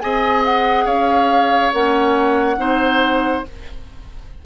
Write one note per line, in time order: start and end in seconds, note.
0.00 0.86 C4
0.00 1.73 G#4
0.00 0.85 D#5
0.00 0.43 G#5
0.45 0.87 F#5
0.85 1.71 C#4
0.85 2.57 C#5
0.85 1.73 F5
1.73 2.57 A#3
1.73 2.57 C#4
1.73 3.45 F#5
2.57 3.43 C4
2.57 3.43 D#4
2.57 3.46 C5